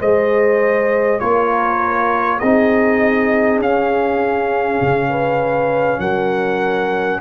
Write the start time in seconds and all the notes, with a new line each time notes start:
0.00 G#3 G#4 C5 D#5
1.20 A#3 F4 A#4 C#5
2.39 C4 D#4 G#4 D#5
3.60 C#4 F5
4.82 C#3
5.10 B4
5.99 F#3 A#4 F#5